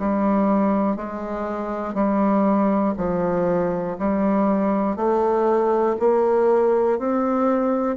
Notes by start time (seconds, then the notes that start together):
0.00 G3
0.97 G#3
1.95 G3
2.97 F3
3.99 G3
4.96 A3
6.00 A#3
6.99 C4